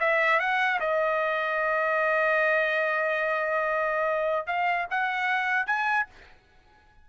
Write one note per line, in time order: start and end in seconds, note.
0.00 0.40 E5
0.40 0.80 F#5
0.80 4.47 D#5
4.47 4.87 F5
4.90 5.67 F#5
5.67 6.07 G#5